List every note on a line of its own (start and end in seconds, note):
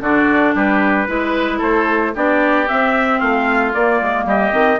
0.00 0.53 D3
0.00 1.07 D4
0.00 0.55 F#4
0.00 0.56 D5
0.54 1.08 G3
0.54 1.08 G4
0.54 1.62 B4
1.07 1.61 G#3
1.07 2.13 E4
1.07 1.58 B4
1.58 2.14 A3
1.58 2.11 A4
1.58 2.15 C5
2.14 2.69 B3
2.14 2.67 D4
2.14 3.18 G4
2.14 2.68 D5
2.67 3.73 C4
2.67 3.21 C4
2.67 3.20 E5
3.18 3.74 A3
3.18 4.24 F4
3.18 3.73 F5
3.73 4.51 A#3
3.73 4.01 A#3
3.73 4.26 D5
4.01 4.25 G#3
4.25 4.51 G3
4.25 4.80 G4
4.25 4.80 D#5
4.51 4.80 D#3
4.51 4.78 C4